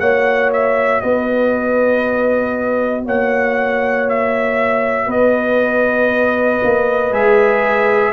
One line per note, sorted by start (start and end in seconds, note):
0.00 1.02 A#3
0.00 7.12 F#4
0.00 1.02 C#5
0.00 0.51 F#5
0.53 1.01 E5
1.01 3.06 B3
1.01 3.06 B4
1.01 3.05 D#5
3.06 5.07 A#3
3.06 5.08 C#5
3.06 4.10 F#5
4.10 5.11 E5
5.07 6.60 B3
5.07 8.13 B4
5.07 7.14 D#5
6.64 7.11 A#3
7.11 8.13 G#3
7.11 8.14 G#4
7.11 8.14 E5